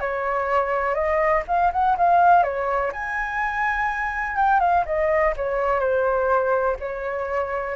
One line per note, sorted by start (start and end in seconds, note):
0.00 0.94 C#5
0.94 1.43 D#5
1.47 1.72 F5
1.72 1.97 F#5
1.98 2.43 F5
2.43 2.92 C#5
2.92 4.36 G#5
4.36 4.60 G5
4.60 4.84 F5
4.86 5.34 D#5
5.36 5.79 C#5
5.79 6.76 C5
6.80 7.76 C#5